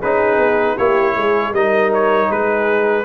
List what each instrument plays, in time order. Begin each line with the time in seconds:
0.00 tuba C#4, trombone D#4, horn G#4, trumpet B4
0.38 tuba B3
0.77 tuba A#3, trombone E4, horn G4, trumpet C#5
1.15 tuba G#3, horn G#4
1.52 tuba G3, trombone D#4, horn A#4, trumpet D#5
1.94 trumpet C#5
2.30 tuba G#3, horn G#4, trumpet B4